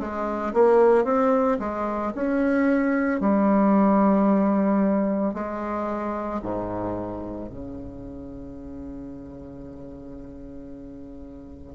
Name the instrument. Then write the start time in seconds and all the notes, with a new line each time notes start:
bassoon
0.00 G#3
0.54 A#3
1.05 C4
1.59 G#3
2.15 C#4
3.21 G3
5.34 G#3
6.43 G#2
7.50 C#3